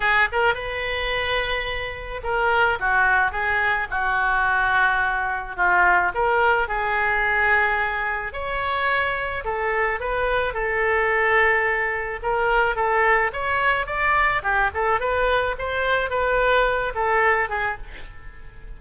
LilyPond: \new Staff \with { instrumentName = "oboe" } { \time 4/4 \tempo 4 = 108 gis'8 ais'8 b'2. | ais'4 fis'4 gis'4 fis'4~ | fis'2 f'4 ais'4 | gis'2. cis''4~ |
cis''4 a'4 b'4 a'4~ | a'2 ais'4 a'4 | cis''4 d''4 g'8 a'8 b'4 | c''4 b'4. a'4 gis'8 | }